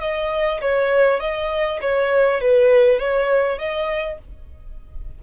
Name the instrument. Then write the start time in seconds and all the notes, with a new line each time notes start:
violin
0.00 D#5
0.61 C#5
1.19 D#5
1.81 C#5
2.40 B4
2.99 C#5
3.58 D#5